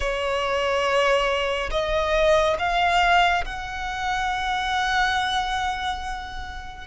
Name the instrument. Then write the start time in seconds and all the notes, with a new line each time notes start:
violin
0.00 C#5
1.71 D#5
2.58 F5
3.44 F#5